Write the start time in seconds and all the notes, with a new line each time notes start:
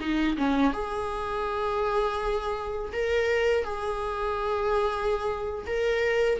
0.00 D#4
0.37 C#4
0.73 G#4
2.92 A#4
3.64 G#4
5.66 A#4